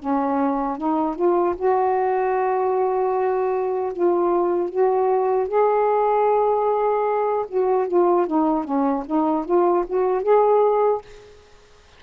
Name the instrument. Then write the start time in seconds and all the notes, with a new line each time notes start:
saxophone
0.00 C#4
0.78 D#4
1.16 F4
1.56 F#4
3.93 F4
4.70 F#4
5.48 G#4
7.48 F#4
7.88 F4
8.27 D#4
8.65 C#4
9.06 D#4
9.46 F4
9.87 F#4
10.23 G#4